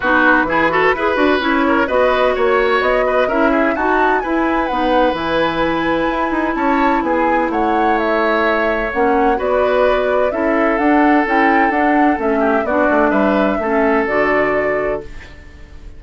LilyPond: <<
  \new Staff \with { instrumentName = "flute" } { \time 4/4 \tempo 4 = 128 b'2. cis''4 | dis''4 cis''4 dis''4 e''4 | a''4 gis''4 fis''4 gis''4~ | gis''2 a''4 gis''4 |
fis''4 e''2 fis''4 | d''2 e''4 fis''4 | g''4 fis''4 e''4 d''4 | e''2 d''2 | }
  \new Staff \with { instrumentName = "oboe" } { \time 4/4 fis'4 gis'8 a'8 b'4. ais'8 | b'4 cis''4. b'8 ais'8 gis'8 | fis'4 b'2.~ | b'2 cis''4 gis'4 |
cis''1 | b'2 a'2~ | a'2~ a'8 g'8 fis'4 | b'4 a'2. | }
  \new Staff \with { instrumentName = "clarinet" } { \time 4/4 dis'4 e'8 fis'8 gis'8 fis'8 e'4 | fis'2. e'4 | fis'4 e'4 dis'4 e'4~ | e'1~ |
e'2. cis'4 | fis'2 e'4 d'4 | e'4 d'4 cis'4 d'4~ | d'4 cis'4 fis'2 | }
  \new Staff \with { instrumentName = "bassoon" } { \time 4/4 b4 e4 e'8 d'8 cis'4 | b4 ais4 b4 cis'4 | dis'4 e'4 b4 e4~ | e4 e'8 dis'8 cis'4 b4 |
a2. ais4 | b2 cis'4 d'4 | cis'4 d'4 a4 b8 a8 | g4 a4 d2 | }
>>